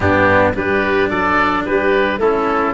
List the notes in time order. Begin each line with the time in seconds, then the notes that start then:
0.00 G2 B3 D4 G4
0.54 G3 D4 G4 B4
1.09 F#3 A4 D5
1.65 G3 G4 B4
2.18 A3 C#4 E4 A4